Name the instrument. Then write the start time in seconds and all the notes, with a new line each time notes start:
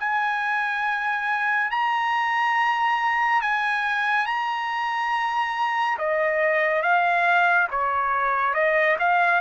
trumpet
0.00 G#5
1.71 A#5
3.42 G#5
4.27 A#5
5.99 D#5
6.83 F5
7.71 C#5
8.54 D#5
9.00 F5